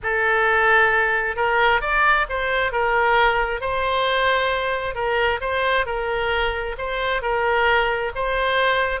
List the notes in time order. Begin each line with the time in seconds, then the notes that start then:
0.02 A4
1.36 A#4
1.81 D5
2.29 C5
2.71 A#4
3.60 C5
4.94 A#4
5.40 C5
5.85 A#4
6.78 C5
7.22 A#4
8.15 C5